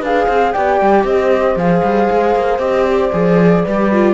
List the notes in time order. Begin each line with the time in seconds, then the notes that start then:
0.00 D4 G#4 B4 F5
0.25 C4 C5
0.52 B3 G4 D5 G5
0.80 G3
1.03 C4 C5 D#5
1.55 F3 G#4 F5
1.83 G3
2.10 G#3
2.36 A#3
2.58 C4 G4 D#5
2.85 D5
3.12 F3 G#4
3.63 G3 G4 B4
3.92 F4